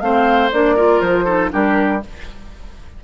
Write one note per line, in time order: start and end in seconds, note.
0.00 0.50 A3
0.00 0.51 C4
0.00 0.75 C5
0.00 0.50 F5
0.52 1.00 A#3
0.52 0.76 D4
0.52 1.01 D5
0.75 1.25 F4
0.75 1.24 A#4
1.00 1.50 F3
1.00 1.51 C5
1.24 1.50 D#4
1.24 1.49 A4
1.50 2.04 G3
1.50 2.00 D4
1.50 2.02 G4
1.50 2.03 A#4